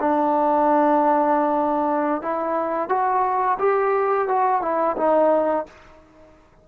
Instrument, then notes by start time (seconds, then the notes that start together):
trombone
0.00 D4
2.22 E4
2.89 F#4
3.59 G4
4.28 F#4
4.62 E4
4.97 D#4